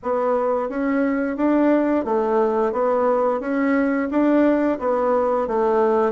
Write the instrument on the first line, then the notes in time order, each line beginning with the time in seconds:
bassoon
0.02 B3
0.69 C#4
1.36 D4
2.05 A3
2.72 B3
3.40 C#4
4.10 D4
4.79 B3
5.47 A3